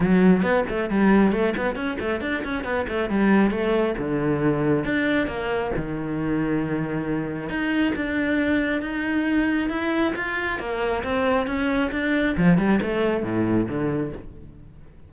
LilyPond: \new Staff \with { instrumentName = "cello" } { \time 4/4 \tempo 4 = 136 fis4 b8 a8 g4 a8 b8 | cis'8 a8 d'8 cis'8 b8 a8 g4 | a4 d2 d'4 | ais4 dis2.~ |
dis4 dis'4 d'2 | dis'2 e'4 f'4 | ais4 c'4 cis'4 d'4 | f8 g8 a4 a,4 d4 | }